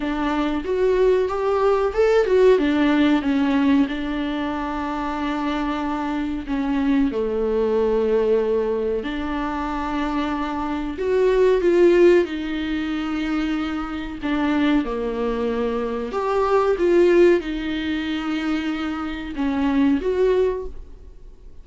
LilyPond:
\new Staff \with { instrumentName = "viola" } { \time 4/4 \tempo 4 = 93 d'4 fis'4 g'4 a'8 fis'8 | d'4 cis'4 d'2~ | d'2 cis'4 a4~ | a2 d'2~ |
d'4 fis'4 f'4 dis'4~ | dis'2 d'4 ais4~ | ais4 g'4 f'4 dis'4~ | dis'2 cis'4 fis'4 | }